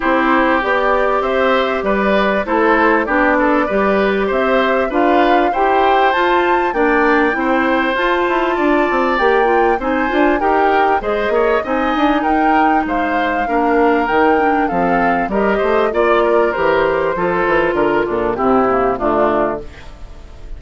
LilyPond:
<<
  \new Staff \with { instrumentName = "flute" } { \time 4/4 \tempo 4 = 98 c''4 d''4 e''4 d''4 | c''4 d''2 e''4 | f''4 g''4 a''4 g''4~ | g''4 a''2 g''4 |
gis''4 g''4 dis''4 gis''4 | g''4 f''2 g''4 | f''4 dis''4 d''4 c''4~ | c''4 ais'8 a'8 g'4 f'4 | }
  \new Staff \with { instrumentName = "oboe" } { \time 4/4 g'2 c''4 b'4 | a'4 g'8 a'8 b'4 c''4 | b'4 c''2 d''4 | c''2 d''2 |
c''4 ais'4 c''8 cis''8 dis''4 | ais'4 c''4 ais'2 | a'4 ais'8 c''8 d''8 ais'4. | a'4 ais'8 d'8 e'4 d'4 | }
  \new Staff \with { instrumentName = "clarinet" } { \time 4/4 e'4 g'2. | e'4 d'4 g'2 | f'4 g'4 f'4 d'4 | e'4 f'2 g'8 f'8 |
dis'8 f'8 g'4 gis'4 dis'4~ | dis'2 d'4 dis'8 d'8 | c'4 g'4 f'4 g'4 | f'2 c'8 ais8 a4 | }
  \new Staff \with { instrumentName = "bassoon" } { \time 4/4 c'4 b4 c'4 g4 | a4 b4 g4 c'4 | d'4 e'4 f'4 ais4 | c'4 f'8 e'8 d'8 c'8 ais4 |
c'8 d'8 dis'4 gis8 ais8 c'8 d'8 | dis'4 gis4 ais4 dis4 | f4 g8 a8 ais4 e4 | f8 e8 d8 ais,8 c4 d4 | }
>>